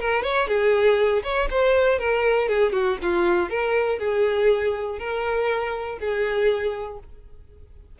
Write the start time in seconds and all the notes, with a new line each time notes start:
0.00 A#4
0.23 C#5
0.47 G#4
1.23 C#5
1.50 C5
1.98 A#4
2.48 G#4
2.72 F#4
3.02 F4
3.50 A#4
3.99 G#4
4.99 A#4
5.99 G#4